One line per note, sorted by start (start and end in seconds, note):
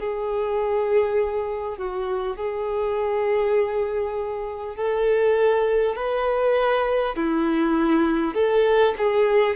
0.00 1.78 G#4
1.78 2.37 F#4
2.37 4.76 G#4
4.76 5.96 A4
5.96 7.16 B4
7.16 8.35 E4
8.35 8.95 A4
8.98 9.57 G#4